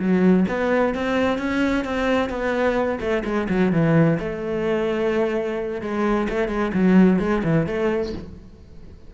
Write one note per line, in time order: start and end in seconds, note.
0.00 0.47 F#3
0.48 0.95 B3
0.95 1.38 C4
1.38 1.85 C#4
1.85 2.30 C4
2.30 2.99 B3
3.00 3.24 A3
3.25 3.48 G#3
3.49 3.73 F#3
3.73 4.19 E3
4.20 5.82 A3
5.82 6.28 G#3
6.30 6.49 A3
6.49 6.72 G#3
6.74 7.20 F#3
7.20 7.43 G#3
7.44 7.67 E3
7.67 8.14 A3